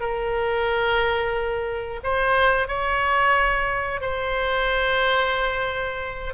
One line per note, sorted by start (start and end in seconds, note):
0.00 2.00 A#4
2.03 2.68 C5
2.68 4.01 C#5
4.01 6.34 C5